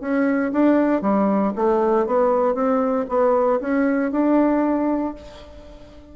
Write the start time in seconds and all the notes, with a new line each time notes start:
0.00 C#4
0.52 D4
1.01 G3
1.55 A3
2.06 B3
2.54 C4
3.08 B3
3.60 C#4
4.11 D4